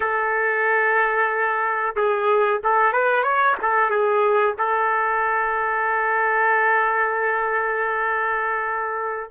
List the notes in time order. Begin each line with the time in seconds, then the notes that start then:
0.00 A4
1.96 G#4
2.63 A4
2.93 B4
3.23 C#5
3.61 A4
3.90 G#4
4.57 A4